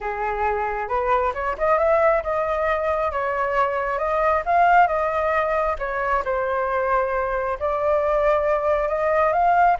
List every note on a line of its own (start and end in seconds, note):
0.00 0.88 G#4
0.88 1.32 B4
1.34 1.56 C#5
1.58 1.78 D#5
1.78 2.23 E5
2.23 3.11 D#5
3.11 3.98 C#5
3.98 4.42 D#5
4.45 4.87 F5
4.87 5.76 D#5
5.78 6.23 C#5
6.24 7.58 C5
7.59 8.88 D5
8.88 9.32 D#5
9.32 9.77 F5